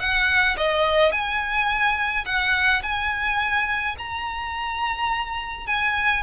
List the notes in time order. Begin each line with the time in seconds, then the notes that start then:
0.00 F#5
0.57 D#5
1.12 G#5
2.26 F#5
2.83 G#5
3.98 A#5
5.67 G#5